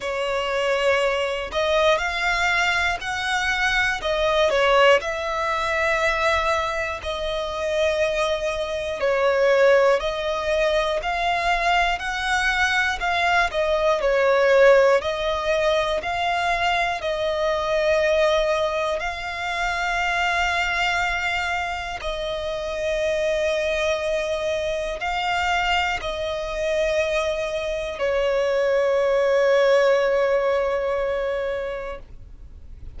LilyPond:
\new Staff \with { instrumentName = "violin" } { \time 4/4 \tempo 4 = 60 cis''4. dis''8 f''4 fis''4 | dis''8 cis''8 e''2 dis''4~ | dis''4 cis''4 dis''4 f''4 | fis''4 f''8 dis''8 cis''4 dis''4 |
f''4 dis''2 f''4~ | f''2 dis''2~ | dis''4 f''4 dis''2 | cis''1 | }